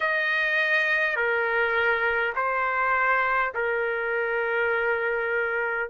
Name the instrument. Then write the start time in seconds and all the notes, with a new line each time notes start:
trumpet
0.00 D#5
1.16 A#4
2.35 C5
3.54 A#4